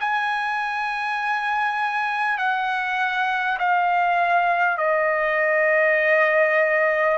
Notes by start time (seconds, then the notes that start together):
0.00 G#5
2.38 F#5
3.58 F5
4.78 D#5